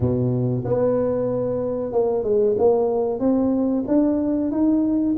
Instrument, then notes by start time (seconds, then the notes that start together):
tuba
0.00 B2
0.65 B3
1.92 A#3
2.23 G#3
2.58 A#3
3.19 C4
3.87 D4
4.51 D#4